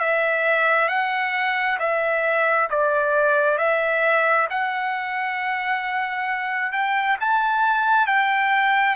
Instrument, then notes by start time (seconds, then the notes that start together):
trumpet
0.00 E5
0.89 F#5
1.80 E5
2.70 D5
3.59 E5
4.50 F#5
6.73 G5
7.21 A5
8.07 G5